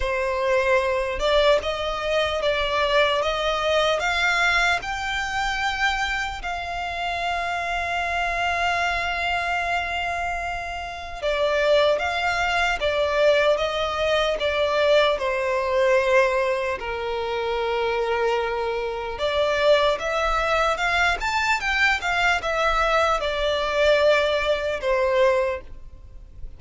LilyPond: \new Staff \with { instrumentName = "violin" } { \time 4/4 \tempo 4 = 75 c''4. d''8 dis''4 d''4 | dis''4 f''4 g''2 | f''1~ | f''2 d''4 f''4 |
d''4 dis''4 d''4 c''4~ | c''4 ais'2. | d''4 e''4 f''8 a''8 g''8 f''8 | e''4 d''2 c''4 | }